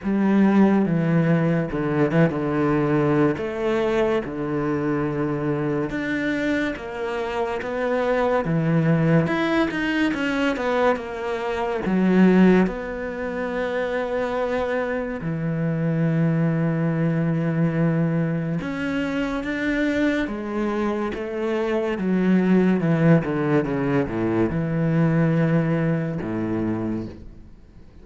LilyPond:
\new Staff \with { instrumentName = "cello" } { \time 4/4 \tempo 4 = 71 g4 e4 d8 e16 d4~ d16 | a4 d2 d'4 | ais4 b4 e4 e'8 dis'8 | cis'8 b8 ais4 fis4 b4~ |
b2 e2~ | e2 cis'4 d'4 | gis4 a4 fis4 e8 d8 | cis8 a,8 e2 a,4 | }